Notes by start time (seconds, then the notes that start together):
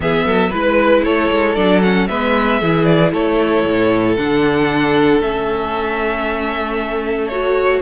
0.00 E3 B3 G#4 E5
0.25 F#3 A4
0.49 G#3 E4 B4
1.04 A3 A4 C#5
1.31 G#3
1.55 F#3 D4 D5
1.82 C#4 F#5
2.07 G#3 B3 B4 E5
2.60 E3 E4 G#4
2.84 D5
3.12 A3 A4 C#5
3.65 A2
4.16 D3 D4 F#5
5.20 A3 C#4 E5
7.28 F#4 C#5